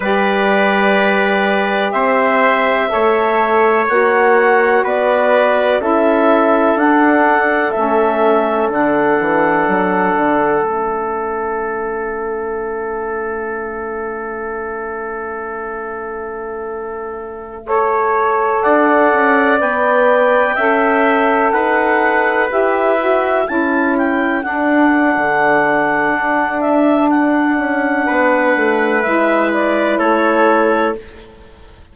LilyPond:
<<
  \new Staff \with { instrumentName = "clarinet" } { \time 4/4 \tempo 4 = 62 d''2 e''2 | fis''4 d''4 e''4 fis''4 | e''4 fis''2 e''4~ | e''1~ |
e''2.~ e''16 fis''8.~ | fis''16 g''2 fis''4 e''8.~ | e''16 a''8 g''8 fis''2~ fis''16 e''8 | fis''2 e''8 d''8 cis''4 | }
  \new Staff \with { instrumentName = "trumpet" } { \time 4/4 b'2 c''4 cis''4~ | cis''4 b'4 a'2~ | a'1~ | a'1~ |
a'2~ a'16 cis''4 d''8.~ | d''4~ d''16 e''4 b'4.~ b'16~ | b'16 a'2.~ a'8.~ | a'4 b'2 a'4 | }
  \new Staff \with { instrumentName = "saxophone" } { \time 4/4 g'2. a'4 | fis'2 e'4 d'4 | cis'4 d'2 cis'4~ | cis'1~ |
cis'2~ cis'16 a'4.~ a'16~ | a'16 b'4 a'2 g'8 fis'16~ | fis'16 e'4 d'2~ d'8.~ | d'2 e'2 | }
  \new Staff \with { instrumentName = "bassoon" } { \time 4/4 g2 c'4 a4 | ais4 b4 cis'4 d'4 | a4 d8 e8 fis8 d8 a4~ | a1~ |
a2.~ a16 d'8 cis'16~ | cis'16 b4 cis'4 dis'4 e'8.~ | e'16 cis'4 d'8. d4 d'4~ | d'8 cis'8 b8 a8 gis4 a4 | }
>>